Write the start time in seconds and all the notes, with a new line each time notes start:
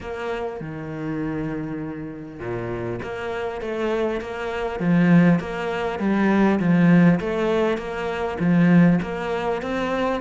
0.00 A#3
0.60 D#3
2.39 A#2
3.02 A#3
3.61 A3
4.21 A#3
4.79 F3
5.39 A#3
5.99 G3
6.59 F3
7.20 A3
7.77 A#3
8.39 F3
9.02 A#3
9.62 C4